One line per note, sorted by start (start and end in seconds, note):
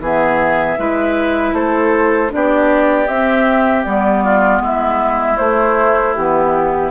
0.00 0.77 E3
0.00 0.78 B3
0.00 0.79 G#4
0.00 1.55 E5
0.78 1.53 G#3
0.78 2.29 E4
0.78 1.54 B4
1.53 2.30 A3
1.53 2.31 A4
1.53 2.32 C5
2.29 3.08 B3
2.29 3.06 D4
2.29 4.24 G4
2.29 3.07 D5
3.07 3.85 C4
3.07 3.86 C4
3.07 3.84 E5
3.84 4.60 G3
3.84 5.37 B3
3.84 4.61 D5
4.24 4.62 F4
4.60 5.37 G#3
4.60 6.91 E4
4.60 5.37 E5
5.37 6.14 A3
5.37 6.17 A3
5.37 6.14 C5
6.14 6.91 E3
6.14 6.91 B3
6.14 6.91 G4